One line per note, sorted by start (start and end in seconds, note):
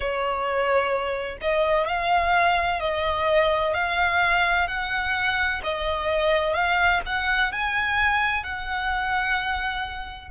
0.00 1.37 C#5
1.41 1.87 D#5
1.87 2.80 F5
2.80 3.73 D#5
3.74 4.67 F5
4.67 5.61 F#5
5.63 6.54 D#5
6.54 7.01 F5
7.06 7.52 F#5
7.52 8.43 G#5
8.43 10.30 F#5